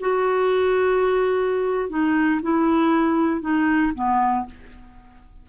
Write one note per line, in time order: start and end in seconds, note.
0.00 1.89 F#4
1.89 2.41 D#4
2.42 3.41 E4
3.41 3.92 D#4
3.94 4.46 B3